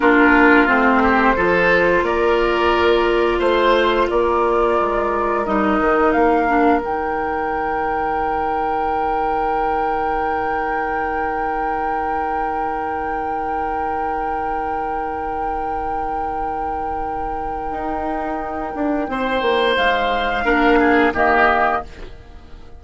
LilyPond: <<
  \new Staff \with { instrumentName = "flute" } { \time 4/4 \tempo 4 = 88 ais'4 c''2 d''4~ | d''4 c''4 d''2 | dis''4 f''4 g''2~ | g''1~ |
g''1~ | g''1~ | g''1~ | g''4 f''2 dis''4 | }
  \new Staff \with { instrumentName = "oboe" } { \time 4/4 f'4. g'8 a'4 ais'4~ | ais'4 c''4 ais'2~ | ais'1~ | ais'1~ |
ais'1~ | ais'1~ | ais'1 | c''2 ais'8 gis'8 g'4 | }
  \new Staff \with { instrumentName = "clarinet" } { \time 4/4 d'4 c'4 f'2~ | f'1 | dis'4. d'8 dis'2~ | dis'1~ |
dis'1~ | dis'1~ | dis'1~ | dis'2 d'4 ais4 | }
  \new Staff \with { instrumentName = "bassoon" } { \time 4/4 ais4 a4 f4 ais4~ | ais4 a4 ais4 gis4 | g8 dis8 ais4 dis2~ | dis1~ |
dis1~ | dis1~ | dis2 dis'4. d'8 | c'8 ais8 gis4 ais4 dis4 | }
>>